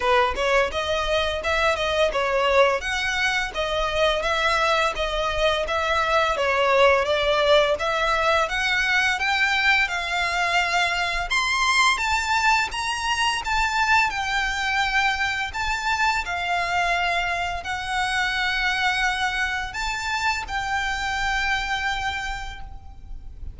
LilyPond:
\new Staff \with { instrumentName = "violin" } { \time 4/4 \tempo 4 = 85 b'8 cis''8 dis''4 e''8 dis''8 cis''4 | fis''4 dis''4 e''4 dis''4 | e''4 cis''4 d''4 e''4 | fis''4 g''4 f''2 |
c'''4 a''4 ais''4 a''4 | g''2 a''4 f''4~ | f''4 fis''2. | a''4 g''2. | }